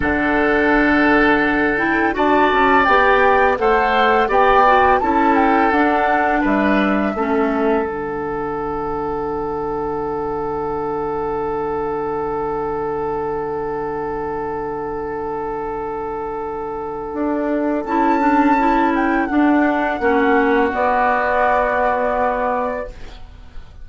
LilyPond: <<
  \new Staff \with { instrumentName = "flute" } { \time 4/4 \tempo 4 = 84 fis''2~ fis''8 g''8 a''4 | g''4 fis''4 g''4 a''8 g''8 | fis''4 e''2 fis''4~ | fis''1~ |
fis''1~ | fis''1~ | fis''4 a''4. g''8 fis''4~ | fis''4 d''2. | }
  \new Staff \with { instrumentName = "oboe" } { \time 4/4 a'2. d''4~ | d''4 c''4 d''4 a'4~ | a'4 b'4 a'2~ | a'1~ |
a'1~ | a'1~ | a'1 | fis'1 | }
  \new Staff \with { instrumentName = "clarinet" } { \time 4/4 d'2~ d'8 e'8 fis'4 | g'4 a'4 g'8 fis'8 e'4 | d'2 cis'4 d'4~ | d'1~ |
d'1~ | d'1~ | d'4 e'8 d'8 e'4 d'4 | cis'4 b2. | }
  \new Staff \with { instrumentName = "bassoon" } { \time 4/4 d2. d'8 cis'8 | b4 a4 b4 cis'4 | d'4 g4 a4 d4~ | d1~ |
d1~ | d1 | d'4 cis'2 d'4 | ais4 b2. | }
>>